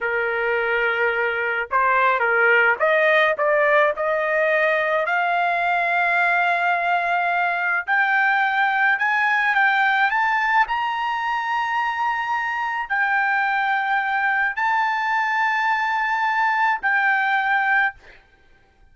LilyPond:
\new Staff \with { instrumentName = "trumpet" } { \time 4/4 \tempo 4 = 107 ais'2. c''4 | ais'4 dis''4 d''4 dis''4~ | dis''4 f''2.~ | f''2 g''2 |
gis''4 g''4 a''4 ais''4~ | ais''2. g''4~ | g''2 a''2~ | a''2 g''2 | }